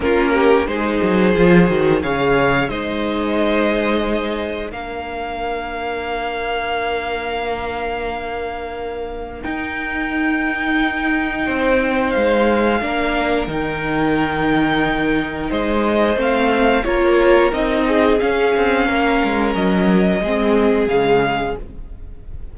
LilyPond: <<
  \new Staff \with { instrumentName = "violin" } { \time 4/4 \tempo 4 = 89 ais'4 c''2 f''4 | dis''2. f''4~ | f''1~ | f''2 g''2~ |
g''2 f''2 | g''2. dis''4 | f''4 cis''4 dis''4 f''4~ | f''4 dis''2 f''4 | }
  \new Staff \with { instrumentName = "violin" } { \time 4/4 f'8 g'8 gis'2 cis''4 | c''2. ais'4~ | ais'1~ | ais'1~ |
ais'4 c''2 ais'4~ | ais'2. c''4~ | c''4 ais'4. gis'4. | ais'2 gis'2 | }
  \new Staff \with { instrumentName = "viola" } { \time 4/4 cis'4 dis'4 f'8 fis'8 gis'4 | dis'2. d'4~ | d'1~ | d'2 dis'2~ |
dis'2. d'4 | dis'1 | c'4 f'4 dis'4 cis'4~ | cis'2 c'4 gis4 | }
  \new Staff \with { instrumentName = "cello" } { \time 4/4 ais4 gis8 fis8 f8 dis8 cis4 | gis2. ais4~ | ais1~ | ais2 dis'2~ |
dis'4 c'4 gis4 ais4 | dis2. gis4 | a4 ais4 c'4 cis'8 c'8 | ais8 gis8 fis4 gis4 cis4 | }
>>